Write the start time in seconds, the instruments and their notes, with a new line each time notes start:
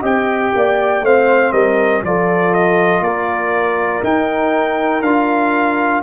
0.00 tuba C4, trombone G4, horn D#5, trumpet G5
0.55 tuba A#3, horn D5
1.01 tuba A3, trombone C4, horn C5, trumpet F5
1.52 tuba G3, horn A#4, trumpet D#5
2.02 tuba F3, trombone F4, horn A4, trumpet D5
2.54 trumpet D#5
3.00 tuba A#3, horn A#4, trumpet D5
4.03 trombone D#4, tuba D#4, trumpet G5
5.01 tuba D4, trombone F4, trumpet F5